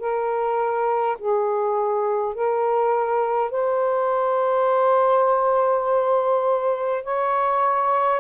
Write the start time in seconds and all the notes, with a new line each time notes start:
0.00 A#4
1.19 G#4
2.34 A#4
3.51 C5
7.04 C#5